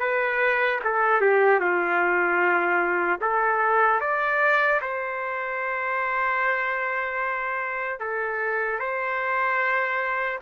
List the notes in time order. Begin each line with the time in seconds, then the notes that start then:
0.00 B4
0.84 A4
1.21 G4
1.60 F4
3.21 A4
4.00 D5
4.81 C5
8.00 A4
8.80 C5